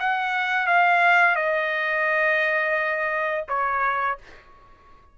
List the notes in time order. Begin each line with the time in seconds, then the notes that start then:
0.00 F#5
0.67 F5
1.36 D#5
3.49 C#5